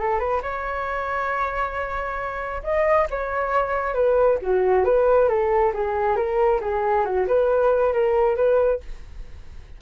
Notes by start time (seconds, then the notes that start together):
0.00 A4
0.20 B4
0.42 C#5
2.64 D#5
3.10 C#5
3.94 B4
4.42 F#4
4.85 B4
5.29 A4
5.74 G#4
6.16 A#4
6.61 G#4
7.05 F#4
7.28 B4
7.93 A#4
8.36 B4